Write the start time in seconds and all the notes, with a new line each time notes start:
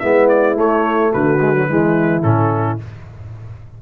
0.00 G#3 B3 E4 E5
0.29 D5
0.56 A3 C#5
1.13 D3 F#4 B4
1.41 G#3
1.54 F#3
1.68 E3 G#3 E4
2.23 A2 C#4 A4